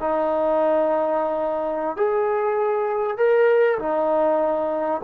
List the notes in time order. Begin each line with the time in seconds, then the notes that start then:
0.00 D#4
1.96 G#4
3.17 A#4
3.79 D#4